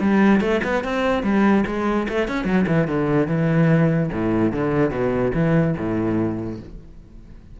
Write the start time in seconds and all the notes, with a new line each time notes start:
0.00 G3
0.40 A3
0.64 B3
0.83 C4
1.23 G3
1.66 G#3
2.08 A3
2.28 C#4
2.45 F#3
2.67 E3
2.87 D3
3.27 E3
4.12 A2
4.52 D3
4.91 B2
5.34 E3
5.77 A2